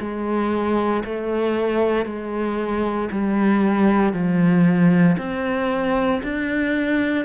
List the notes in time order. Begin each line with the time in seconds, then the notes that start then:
0.00 G#3
1.05 A3
2.05 G#3
3.11 G3
4.13 F3
5.18 C4
6.23 D4